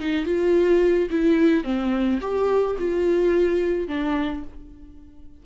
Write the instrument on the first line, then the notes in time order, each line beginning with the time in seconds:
viola
0.00 D#4
0.26 F4
1.11 E4
1.64 C4
2.21 G4
2.79 F4
3.88 D4